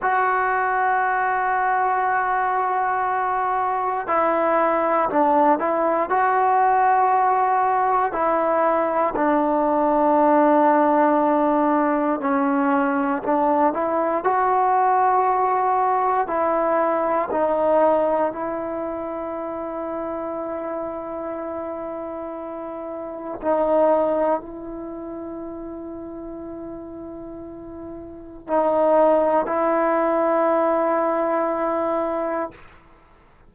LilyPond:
\new Staff \with { instrumentName = "trombone" } { \time 4/4 \tempo 4 = 59 fis'1 | e'4 d'8 e'8 fis'2 | e'4 d'2. | cis'4 d'8 e'8 fis'2 |
e'4 dis'4 e'2~ | e'2. dis'4 | e'1 | dis'4 e'2. | }